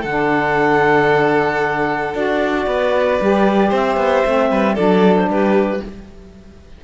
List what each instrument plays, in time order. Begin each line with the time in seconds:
0.00 cello D3, violin A4, clarinet F#5
0.07 saxophone D4
2.14 cello D4, saxophone F#4, clarinet D5
2.66 cello B3, violin B4
3.20 cello G3, saxophone G4
3.69 cello C4, violin C5, clarinet E5
3.96 cello B3
4.25 cello A3, saxophone C4
4.51 cello G3, violin B4
4.74 cello F#3, saxophone D4, violin A4, clarinet D5
5.16 clarinet C5
5.27 cello G3, violin G4, clarinet B4